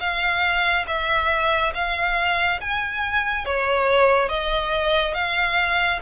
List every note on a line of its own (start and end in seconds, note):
0.00 0.86 F5
0.87 1.73 E5
1.75 2.60 F5
2.61 3.46 G#5
3.46 4.29 C#5
4.29 5.14 D#5
5.14 6.00 F5